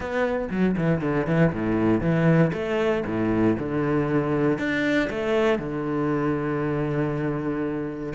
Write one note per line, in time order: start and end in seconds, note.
0.00 0.48 B3
0.50 0.76 F#3
0.76 1.01 E3
1.01 1.26 D3
1.26 1.52 E3
1.53 2.00 A2
2.00 2.51 E3
2.52 3.03 A3
3.06 3.56 A2
3.58 4.58 D3
4.58 5.09 D4
5.09 5.58 A3
5.58 8.13 D3